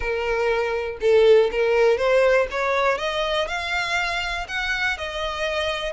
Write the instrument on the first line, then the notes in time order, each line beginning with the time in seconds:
violin
0.00 A#4
1.01 A4
1.51 A#4
1.97 C5
2.50 C#5
2.98 D#5
3.47 F5
4.48 F#5
4.97 D#5